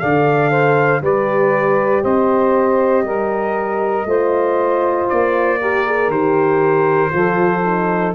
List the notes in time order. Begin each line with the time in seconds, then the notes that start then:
0.00 D3 A4 D5 F5
0.51 C5
1.02 G3 G4 B4 D5
2.03 C4 C5 D#5
3.04 G3 A#4
4.06 A3 F4 C5
5.09 A#3 D5
5.60 G4 A#4
5.87 G#4
6.08 D#3 G4 C5
7.10 F3 F4 A4
7.65 D#4